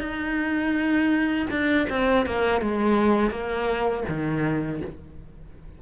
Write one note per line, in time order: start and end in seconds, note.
0.00 1.46 D#4
1.50 1.87 D4
1.90 2.26 C4
2.26 2.61 A#3
2.61 3.30 G#3
3.30 4.03 A#3
4.08 4.81 D#3